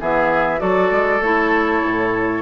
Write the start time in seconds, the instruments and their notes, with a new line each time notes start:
0.00 bassoon E3, clarinet B3, oboe G#4, flute E5
0.58 bassoon F#3, clarinet F#4, oboe A4, flute D5
0.91 bassoon G#3
1.20 bassoon A3, clarinet E4, flute C#5
1.84 bassoon A2